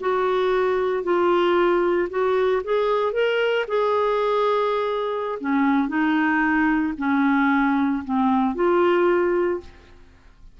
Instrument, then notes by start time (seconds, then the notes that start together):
clarinet
0.00 F#4
1.03 F4
2.09 F#4
2.64 G#4
3.12 A#4
3.67 G#4
5.40 C#4
5.88 D#4
6.98 C#4
8.04 C4
8.55 F4